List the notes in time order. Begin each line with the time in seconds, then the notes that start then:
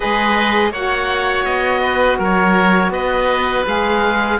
0.00 G#3 G#4 B4 D#5
0.71 A#3 F#4 C#5 F#5
1.45 B3 D#5
1.81 B4
2.18 F#3 A#4 C#5
2.89 B3 B4 D#5
3.65 G#3 G#4 F5